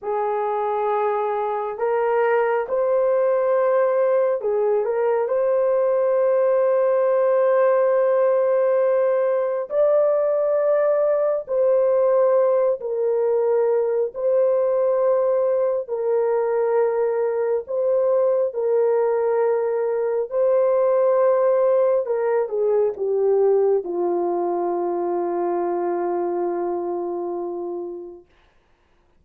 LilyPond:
\new Staff \with { instrumentName = "horn" } { \time 4/4 \tempo 4 = 68 gis'2 ais'4 c''4~ | c''4 gis'8 ais'8 c''2~ | c''2. d''4~ | d''4 c''4. ais'4. |
c''2 ais'2 | c''4 ais'2 c''4~ | c''4 ais'8 gis'8 g'4 f'4~ | f'1 | }